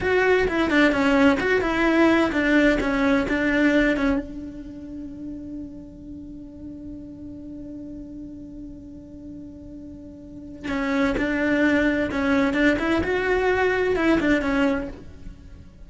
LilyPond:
\new Staff \with { instrumentName = "cello" } { \time 4/4 \tempo 4 = 129 fis'4 e'8 d'8 cis'4 fis'8 e'8~ | e'4 d'4 cis'4 d'4~ | d'8 cis'8 d'2.~ | d'1~ |
d'1~ | d'2. cis'4 | d'2 cis'4 d'8 e'8 | fis'2 e'8 d'8 cis'4 | }